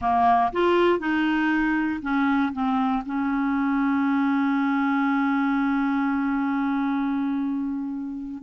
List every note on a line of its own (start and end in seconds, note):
0.01 0.51 A#3
0.52 0.99 F4
0.99 2.00 D#4
2.02 2.52 C#4
2.52 3.03 C4
3.05 8.43 C#4